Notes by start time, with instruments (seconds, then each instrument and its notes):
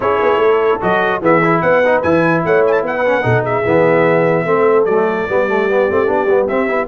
0.00 tuba C#4, trombone E4, horn G#4, trumpet C#5
0.22 tuba B3
0.37 tuba A3, horn A4
0.80 tuba F#3, trombone F#4, trumpet D#5
1.21 tuba E3, trombone B3, horn G#4, trumpet E5
1.43 trombone E4
1.61 tuba B3, horn B4, trumpet F#5
1.85 trombone D#4
2.02 tuba E3, trombone E4, trumpet G#5
2.44 tuba A3, horn C#5, trumpet F#5
2.67 trumpet G#5 A5
2.82 tuba B3, horn B4, trumpet F#5
3.05 trombone C#4
3.22 tuba B2, trombone D#4, horn A4
3.42 horn G#4, trumpet E5
3.65 tuba E3, trombone B3
4.45 tuba A3, trombone C4, horn A4
4.85 tuba F#3, trombone A3, trumpet D5
5.28 tuba G3, trombone B3, horn G4
5.48 trombone A3
5.68 trombone B3
5.89 tuba A3, trombone C4
6.06 tuba B3, trombone D4
6.25 tuba G3, trombone B3
6.47 trombone C4, tuba C4, trumpet E5
6.68 tuba B3, trombone E4